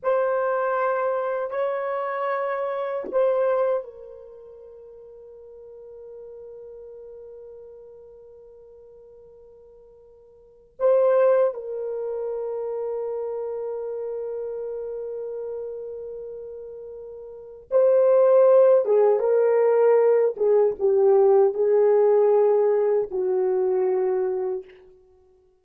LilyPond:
\new Staff \with { instrumentName = "horn" } { \time 4/4 \tempo 4 = 78 c''2 cis''2 | c''4 ais'2.~ | ais'1~ | ais'2 c''4 ais'4~ |
ais'1~ | ais'2. c''4~ | c''8 gis'8 ais'4. gis'8 g'4 | gis'2 fis'2 | }